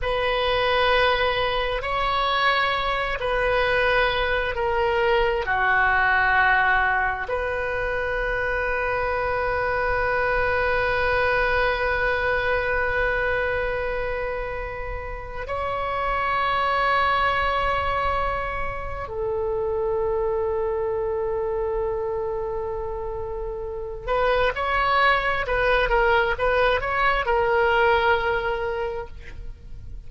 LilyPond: \new Staff \with { instrumentName = "oboe" } { \time 4/4 \tempo 4 = 66 b'2 cis''4. b'8~ | b'4 ais'4 fis'2 | b'1~ | b'1~ |
b'4 cis''2.~ | cis''4 a'2.~ | a'2~ a'8 b'8 cis''4 | b'8 ais'8 b'8 cis''8 ais'2 | }